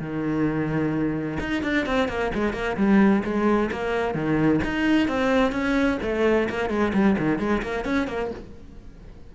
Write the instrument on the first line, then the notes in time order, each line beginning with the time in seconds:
cello
0.00 D#3
1.40 D#4
1.63 D4
1.86 C4
2.09 A#3
2.35 G#3
2.53 A#3
2.77 G3
3.24 G#3
3.72 A#3
4.14 D#3
4.64 D#4
5.08 C4
5.52 C#4
6.03 A3
6.50 A#3
6.70 G#3
6.94 G3
7.19 D#3
7.39 G#3
7.62 A#3
7.85 C#4
8.08 A#3